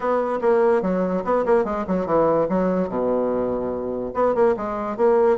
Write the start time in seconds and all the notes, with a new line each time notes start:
0.00 B3
0.41 A#3
0.82 F#3
1.24 B3
1.45 A#3
1.64 G#3
1.87 F#3
2.06 E3
2.49 F#3
2.88 B2
4.14 B3
4.34 A#3
4.56 G#3
4.96 A#3